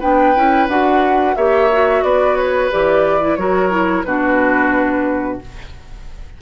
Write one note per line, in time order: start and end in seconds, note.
0.00 0.36 B3
0.00 0.35 D4
0.00 1.35 B4
0.00 0.68 G5
0.35 0.68 C#4
0.35 0.69 E4
0.68 1.36 D4
0.68 1.37 F#4
0.68 1.36 F#5
1.36 2.03 A#3
1.36 1.70 G4
1.36 2.04 C#5
1.36 2.03 E5
1.72 2.71 F#4
2.03 2.70 B3
2.03 3.39 B4
2.03 2.37 D5
2.37 2.70 C#5
2.71 3.37 E3
2.71 3.21 G4
2.71 3.36 D5
3.21 3.37 E4
3.36 4.04 F#3
3.36 3.70 F#4
3.36 4.06 A#4
3.36 4.03 C#5
3.70 4.04 E4
4.04 5.39 B2
4.04 5.41 D4
4.04 5.41 F#4
4.04 5.38 B4